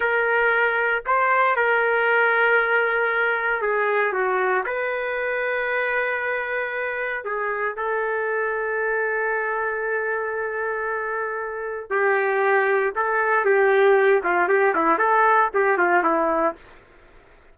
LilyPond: \new Staff \with { instrumentName = "trumpet" } { \time 4/4 \tempo 4 = 116 ais'2 c''4 ais'4~ | ais'2. gis'4 | fis'4 b'2.~ | b'2 gis'4 a'4~ |
a'1~ | a'2. g'4~ | g'4 a'4 g'4. f'8 | g'8 e'8 a'4 g'8 f'8 e'4 | }